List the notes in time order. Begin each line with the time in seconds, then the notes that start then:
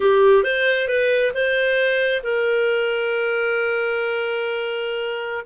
0.00 G4
0.43 C5
0.87 B4
1.34 C5
2.23 A#4